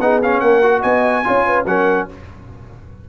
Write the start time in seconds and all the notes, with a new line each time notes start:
0.00 B3 D#4 G#4 F#5
0.23 C#4 F5
0.40 A#3 A#4 F#5
0.62 F#4
0.81 B3 D#5 G#5
1.24 C#4 F4 C#5
1.46 B4
1.65 F#3 C#4 A#4 F#5